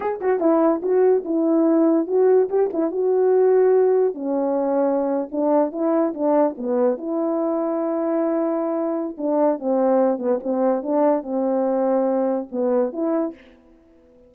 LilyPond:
\new Staff \with { instrumentName = "horn" } { \time 4/4 \tempo 4 = 144 gis'8 fis'8 e'4 fis'4 e'4~ | e'4 fis'4 g'8 e'8 fis'4~ | fis'2 cis'2~ | cis'8. d'4 e'4 d'4 b16~ |
b8. e'2.~ e'16~ | e'2 d'4 c'4~ | c'8 b8 c'4 d'4 c'4~ | c'2 b4 e'4 | }